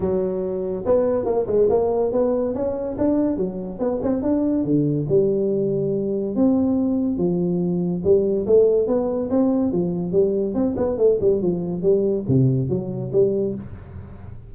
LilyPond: \new Staff \with { instrumentName = "tuba" } { \time 4/4 \tempo 4 = 142 fis2 b4 ais8 gis8 | ais4 b4 cis'4 d'4 | fis4 b8 c'8 d'4 d4 | g2. c'4~ |
c'4 f2 g4 | a4 b4 c'4 f4 | g4 c'8 b8 a8 g8 f4 | g4 c4 fis4 g4 | }